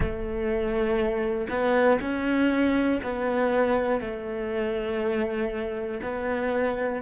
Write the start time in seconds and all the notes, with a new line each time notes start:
0.00 A3
1.49 B3
2.00 C#4
3.03 B3
4.00 A3
6.02 B3